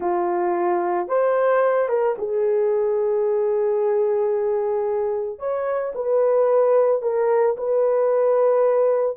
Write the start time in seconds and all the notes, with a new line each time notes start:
0.00 F4
1.07 C5
1.88 A#4
2.17 G#4
5.39 C#5
5.95 B4
7.01 A#4
7.57 B4